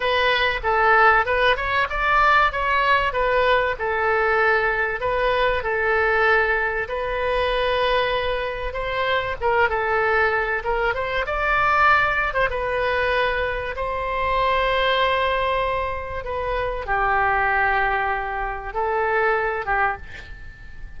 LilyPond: \new Staff \with { instrumentName = "oboe" } { \time 4/4 \tempo 4 = 96 b'4 a'4 b'8 cis''8 d''4 | cis''4 b'4 a'2 | b'4 a'2 b'4~ | b'2 c''4 ais'8 a'8~ |
a'4 ais'8 c''8 d''4.~ d''16 c''16 | b'2 c''2~ | c''2 b'4 g'4~ | g'2 a'4. g'8 | }